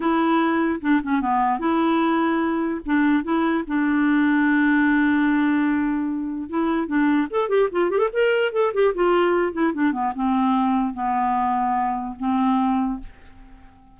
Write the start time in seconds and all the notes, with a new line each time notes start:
0.00 E4
0.81 D4
1.03 C#4
1.21 B3
1.59 E4
2.85 D4
3.23 E4
3.67 D4
6.49 E4
6.87 D4
7.30 A4
7.48 G4
7.71 F4
7.90 G4
7.98 A4
8.12 A#4
8.52 A4
8.73 G4
8.94 F4
9.52 E4
9.73 D4
9.92 B3
10.15 C4
10.93 B3
12.19 C4